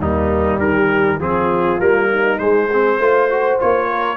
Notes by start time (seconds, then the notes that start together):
0.00 D#2 G3 A#3 D#4
0.58 D#3 G4 A#4
1.18 F3 C4 F4 G#4
1.80 G3 A#3 A#4
2.10 D#4
2.39 G#3 C5
2.68 C4 G#4
2.98 A3 F4 C5
3.30 F#4
3.60 A#3 F4 C#5
3.89 A#4